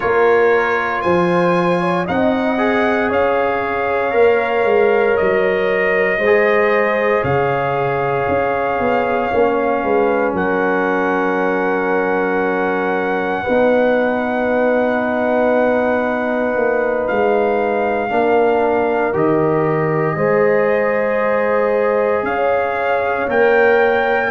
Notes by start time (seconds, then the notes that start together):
0.00 A#3 F4 A#4 C#5
1.01 F3 C5 G#5
1.80 C#5
2.05 C4 D#4 D#5 F#5
2.58 G#4
3.09 C#4 C#5 F5
4.11 A#3 A#4
4.64 G#3
5.16 F#3 D#5
6.18 G#3 C5
6.25 G#4
7.22 C#3 C#5 F5
8.28 C#4
8.79 B3
9.31 A#3 C#4
9.83 G#3 B4
10.33 F#3 A#4 F#5
13.42 B3 D#4 B4
16.55 A#3
17.07 G#3 F5
18.09 A#3 D4 A#4
19.13 D#3 G4 D#5
20.16 G#3 G#4 C5
22.22 C#4 C#5 F5
23.28 A#3 A#4 G5